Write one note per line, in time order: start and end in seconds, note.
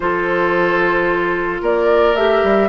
0.00 1.61 F3
0.00 2.15 F4
0.00 1.62 A4
0.00 1.60 C5
1.61 2.15 A#3
1.61 2.69 A#4
1.61 2.15 D5
2.15 2.42 A3
2.15 2.69 G4
2.15 2.69 E5
2.43 2.69 G3